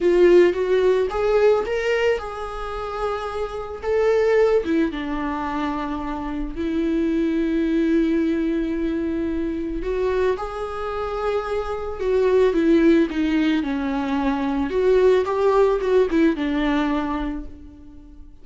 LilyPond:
\new Staff \with { instrumentName = "viola" } { \time 4/4 \tempo 4 = 110 f'4 fis'4 gis'4 ais'4 | gis'2. a'4~ | a'8 e'8 d'2. | e'1~ |
e'2 fis'4 gis'4~ | gis'2 fis'4 e'4 | dis'4 cis'2 fis'4 | g'4 fis'8 e'8 d'2 | }